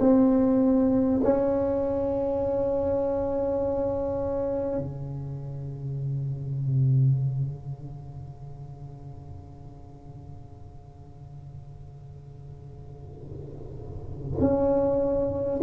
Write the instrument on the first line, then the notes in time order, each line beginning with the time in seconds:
tuba
0.00 C4
1.23 C#4
4.78 C#3
14.40 C#4